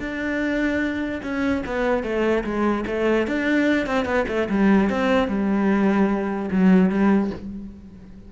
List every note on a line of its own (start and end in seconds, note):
0.00 1.22 D4
1.23 1.64 C#4
1.66 2.04 B3
2.04 2.44 A3
2.45 2.85 G#3
2.87 3.27 A3
3.27 3.87 D4
3.87 4.06 C4
4.06 4.26 B3
4.28 4.49 A3
4.49 4.90 G3
4.90 5.28 C4
5.28 6.50 G3
6.52 6.90 F#3
6.90 7.31 G3